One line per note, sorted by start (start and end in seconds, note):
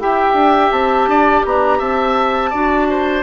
0.00 0.34 E4
0.00 2.53 G4
0.00 1.09 E5
0.00 0.72 G5
0.34 0.70 D4
0.72 1.07 C4
0.72 1.44 A5
1.07 1.44 D4
1.07 1.45 D5
1.45 1.80 B3
1.45 1.78 D4
1.45 1.81 A#5
1.78 2.52 C4
1.78 2.50 E5
1.78 3.23 A5
2.50 3.23 D4
2.50 3.23 F#4
2.50 2.86 D5
2.90 3.23 C5